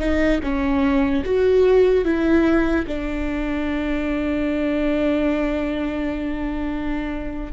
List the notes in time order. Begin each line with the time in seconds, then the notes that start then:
0.00 D#4
0.43 C#4
1.25 F#4
2.05 E4
2.87 D4